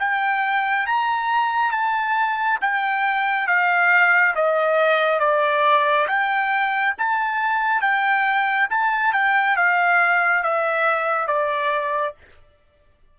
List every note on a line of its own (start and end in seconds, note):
0.00 0.87 G5
0.87 1.72 A#5
1.72 2.59 A5
2.61 3.48 G5
3.48 4.35 F5
4.36 5.20 D#5
5.20 6.07 D5
6.08 6.95 G5
6.98 7.81 A5
7.81 8.68 G5
8.70 9.13 A5
9.13 9.57 G5
9.57 10.43 F5
10.43 11.28 E5
11.28 12.15 D5